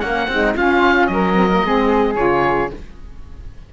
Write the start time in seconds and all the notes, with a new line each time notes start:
0.00 A#3 C#4 F#5
0.28 G#3 C4 D#4
0.56 C#4 F4 F5
1.07 F#3 D#5
1.13 A#4
1.34 C4
1.52 A#3
1.65 G#3 C4 G#4
2.16 C#3 F4 C#5